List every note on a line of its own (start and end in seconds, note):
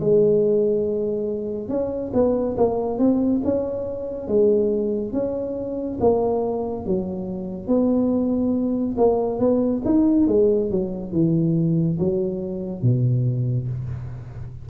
0.00 1.68 G#3
1.68 2.11 C#4
2.13 2.56 B3
2.57 2.98 A#3
2.98 3.41 C4
3.44 4.28 C#4
4.28 5.13 G#3
5.13 5.98 C#4
6.00 6.86 A#3
6.86 7.67 F#3
7.67 8.96 B3
8.97 9.40 A#3
9.40 9.83 B3
9.85 10.27 D#4
10.27 10.70 G#3
10.71 11.12 F#3
11.12 11.98 E3
11.99 12.82 F#3
12.82 13.68 B2